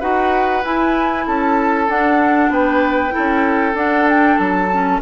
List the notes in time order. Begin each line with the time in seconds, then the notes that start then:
0.00 D#4 F#4 B4 F#5
0.63 E4 G#5
1.27 C#4 A4 A5
1.89 D4 F#5
2.50 B3 B4 G5
3.10 E4 A4
3.18 C#4
3.74 D4 F#5
4.09 G5
4.38 F#3 A5
4.72 C#4